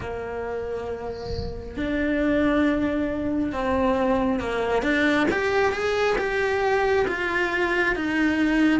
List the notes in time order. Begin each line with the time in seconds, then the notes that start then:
0.00 A#3
1.76 D4
3.52 C4
4.39 A#3
4.82 D4
5.31 G4
5.72 G#4
6.18 G4
7.07 F4
7.95 D#4